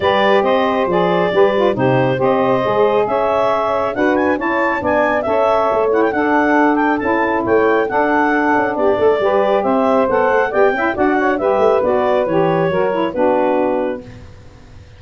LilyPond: <<
  \new Staff \with { instrumentName = "clarinet" } { \time 4/4 \tempo 4 = 137 d''4 dis''4 d''2 | c''4 dis''2 e''4~ | e''4 fis''8 gis''8 a''4 gis''4 | e''4. fis''16 g''16 fis''4. g''8 |
a''4 g''4 fis''2 | d''2 e''4 fis''4 | g''4 fis''4 e''4 d''4 | cis''2 b'2 | }
  \new Staff \with { instrumentName = "saxophone" } { \time 4/4 b'4 c''2 b'4 | g'4 c''2 cis''4~ | cis''4 b'4 cis''4 d''4 | cis''2 a'2~ |
a'4 cis''4 a'2 | g'8 a'8 b'4 c''2 | d''8 e''8 d''8 cis''8 b'2~ | b'4 ais'4 fis'2 | }
  \new Staff \with { instrumentName = "saxophone" } { \time 4/4 g'2 gis'4 g'8 f'8 | dis'4 g'4 gis'2~ | gis'4 fis'4 e'4 d'4 | a'4. e'8 d'2 |
e'2 d'2~ | d'4 g'2 a'4 | g'8 e'8 fis'4 g'4 fis'4 | g'4 fis'8 e'8 d'2 | }
  \new Staff \with { instrumentName = "tuba" } { \time 4/4 g4 c'4 f4 g4 | c4 c'4 gis4 cis'4~ | cis'4 d'4 cis'4 b4 | cis'4 a4 d'2 |
cis'4 a4 d'4. cis'8 | b8 a8 g4 c'4 b8 a8 | b8 cis'8 d'4 g8 a8 b4 | e4 fis4 b2 | }
>>